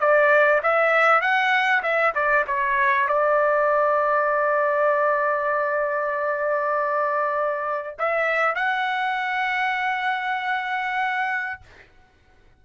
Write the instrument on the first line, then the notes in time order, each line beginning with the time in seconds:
trumpet
0.00 D5
0.63 E5
1.21 F#5
1.83 E5
2.15 D5
2.47 C#5
3.08 D5
7.99 E5
8.55 F#5